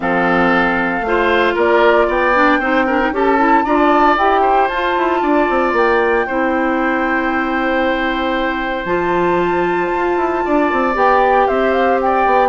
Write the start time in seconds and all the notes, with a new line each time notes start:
0.00 F3 C4 A4 F5
1.00 A3 F4
1.07 C5
1.54 A#3 A#4 D5
2.07 B3 D5 G5
2.34 D4
2.59 C4 D#4 C5
2.86 D4 A#4
2.99 D#4
3.11 C#4 G4 A4 A5
3.37 E4
3.64 D4 F4 D5 A#5
3.76 A5
4.17 E4 G4 G5
4.41 C5
4.68 F4 A5
4.97 E4
5.22 D4 D5
5.49 C4
5.72 A#3 G5
6.26 C4 E4 C5
8.85 F3 F4 A5
9.93 F4
10.17 E4
10.45 D4 D5
10.72 C4
10.94 B3 G4 G5
11.47 C4 C5 E5
11.72 F5
12.01 D5 G5
12.26 B3